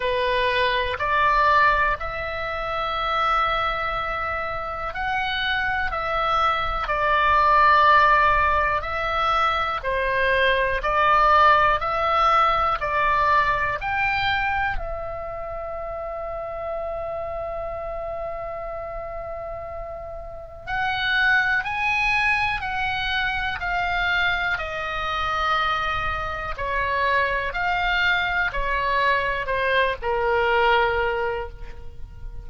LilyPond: \new Staff \with { instrumentName = "oboe" } { \time 4/4 \tempo 4 = 61 b'4 d''4 e''2~ | e''4 fis''4 e''4 d''4~ | d''4 e''4 c''4 d''4 | e''4 d''4 g''4 e''4~ |
e''1~ | e''4 fis''4 gis''4 fis''4 | f''4 dis''2 cis''4 | f''4 cis''4 c''8 ais'4. | }